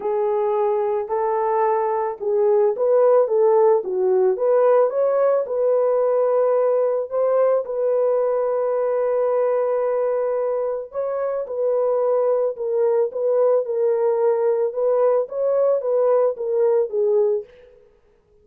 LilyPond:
\new Staff \with { instrumentName = "horn" } { \time 4/4 \tempo 4 = 110 gis'2 a'2 | gis'4 b'4 a'4 fis'4 | b'4 cis''4 b'2~ | b'4 c''4 b'2~ |
b'1 | cis''4 b'2 ais'4 | b'4 ais'2 b'4 | cis''4 b'4 ais'4 gis'4 | }